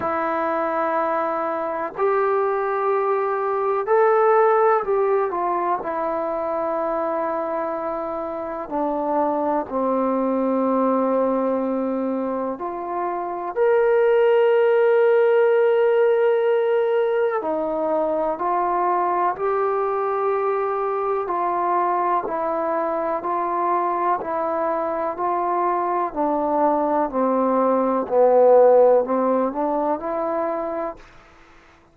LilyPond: \new Staff \with { instrumentName = "trombone" } { \time 4/4 \tempo 4 = 62 e'2 g'2 | a'4 g'8 f'8 e'2~ | e'4 d'4 c'2~ | c'4 f'4 ais'2~ |
ais'2 dis'4 f'4 | g'2 f'4 e'4 | f'4 e'4 f'4 d'4 | c'4 b4 c'8 d'8 e'4 | }